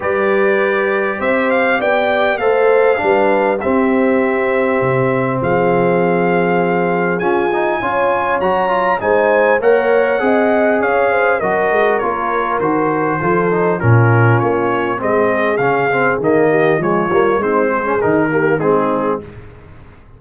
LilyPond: <<
  \new Staff \with { instrumentName = "trumpet" } { \time 4/4 \tempo 4 = 100 d''2 e''8 f''8 g''4 | f''2 e''2~ | e''4 f''2. | gis''2 ais''4 gis''4 |
fis''2 f''4 dis''4 | cis''4 c''2 ais'4 | cis''4 dis''4 f''4 dis''4 | cis''4 c''4 ais'4 gis'4 | }
  \new Staff \with { instrumentName = "horn" } { \time 4/4 b'2 c''4 d''4 | c''4 b'4 g'2~ | g'4 gis'2.~ | gis'4 cis''2 c''4 |
cis''4 dis''4 cis''8 c''8 ais'4~ | ais'2 a'4 f'4~ | f'4 gis'2~ gis'8 g'8 | f'4 dis'8 gis'4 g'8 dis'4 | }
  \new Staff \with { instrumentName = "trombone" } { \time 4/4 g'1 | a'4 d'4 c'2~ | c'1 | cis'8 dis'8 f'4 fis'8 f'8 dis'4 |
ais'4 gis'2 fis'4 | f'4 fis'4 f'8 dis'8 cis'4~ | cis'4 c'4 cis'8 c'8 ais4 | gis8 ais8 c'8. cis'16 dis'8 ais8 c'4 | }
  \new Staff \with { instrumentName = "tuba" } { \time 4/4 g2 c'4 b4 | a4 g4 c'2 | c4 f2. | f'4 cis'4 fis4 gis4 |
ais4 c'4 cis'4 fis8 gis8 | ais4 dis4 f4 ais,4 | ais4 gis4 cis4 dis4 | f8 g8 gis4 dis4 gis4 | }
>>